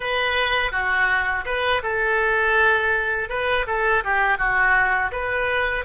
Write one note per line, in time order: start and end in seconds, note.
0.00 0.71 B4
0.71 1.44 F#4
1.45 1.81 B4
1.83 3.29 A4
3.29 3.66 B4
3.67 4.03 A4
4.03 4.38 G4
4.38 5.11 F#4
5.11 5.84 B4